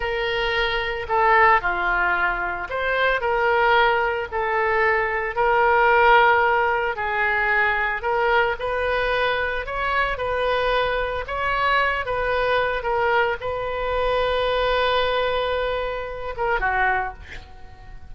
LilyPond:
\new Staff \with { instrumentName = "oboe" } { \time 4/4 \tempo 4 = 112 ais'2 a'4 f'4~ | f'4 c''4 ais'2 | a'2 ais'2~ | ais'4 gis'2 ais'4 |
b'2 cis''4 b'4~ | b'4 cis''4. b'4. | ais'4 b'2.~ | b'2~ b'8 ais'8 fis'4 | }